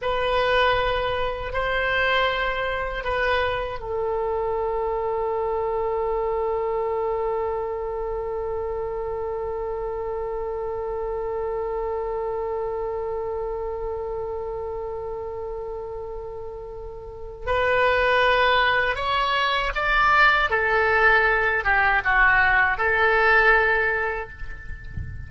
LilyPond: \new Staff \with { instrumentName = "oboe" } { \time 4/4 \tempo 4 = 79 b'2 c''2 | b'4 a'2.~ | a'1~ | a'1~ |
a'1~ | a'2. b'4~ | b'4 cis''4 d''4 a'4~ | a'8 g'8 fis'4 a'2 | }